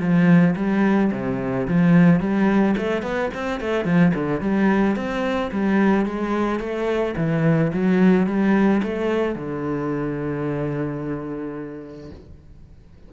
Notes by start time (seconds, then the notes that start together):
0.00 F3
0.56 G3
1.12 C3
1.68 F3
2.20 G3
2.77 A3
3.03 B3
3.34 C4
3.61 A3
3.85 F3
4.15 D3
4.41 G3
4.96 C4
5.52 G3
6.06 G#3
6.60 A3
7.17 E3
7.73 F#3
8.27 G3
8.83 A3
9.35 D3